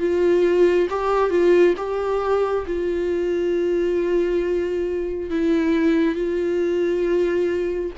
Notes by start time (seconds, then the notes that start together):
0.00 F4
0.90 G4
1.30 F4
1.77 G4
2.67 F4
5.31 E4
6.15 F4